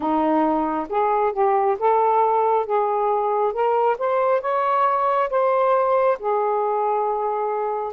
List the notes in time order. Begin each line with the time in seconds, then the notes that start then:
0.00 D#4
0.89 G#4
1.32 G4
1.79 A4
2.66 G#4
3.53 A#4
3.98 C5
4.41 C#5
5.29 C5
6.19 G#4